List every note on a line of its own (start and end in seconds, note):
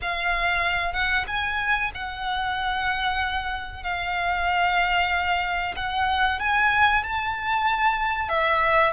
0.01 0.93 F5
0.93 1.24 F#5
1.27 1.91 G#5
1.94 3.83 F#5
3.83 5.74 F5
5.76 6.39 F#5
6.39 7.03 G#5
7.03 8.29 A5
8.29 8.92 E5